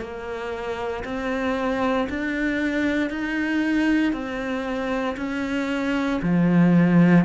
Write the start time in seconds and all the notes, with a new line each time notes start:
0.00 A#3
1.04 C4
2.09 D4
3.10 D#4
4.12 C4
5.17 C#4
6.22 F3